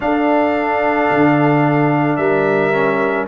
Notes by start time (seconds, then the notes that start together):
0.00 D4 A4 F5
1.10 D3
2.16 G3 A#4 E5
2.73 C#4